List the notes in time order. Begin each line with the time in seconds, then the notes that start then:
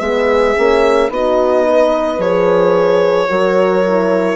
0.00 G#3 B3 G#4 E5
0.55 A#3 C#4
1.09 B3 D#4 F#4 D#5
1.67 B4
2.18 F3 G#4 C#5
3.28 F#3 F#4 A#4
3.86 E4